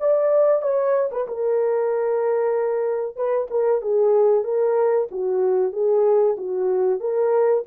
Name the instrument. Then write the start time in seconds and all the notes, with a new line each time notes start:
horn
0.00 D5
0.62 C#5
1.11 B4
1.28 A#4
3.16 B4
3.50 A#4
3.82 G#4
4.44 A#4
5.11 F#4
5.73 G#4
6.37 F#4
7.00 A#4